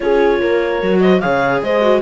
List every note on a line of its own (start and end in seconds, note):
0.00 0.41 C#4
0.00 0.81 F4
0.00 0.40 G#4
0.00 1.01 C#5
0.40 0.82 A#3
0.40 1.01 A#4
0.81 1.23 F#3
0.81 1.21 F#4
1.01 1.22 C5
1.01 1.20 D#5
1.20 1.62 C#3
1.20 1.81 G#4
1.20 1.63 C#5
1.20 1.61 F5
1.62 2.01 G#3
1.62 2.01 C5
1.62 2.01 D#5
1.81 2.01 F#4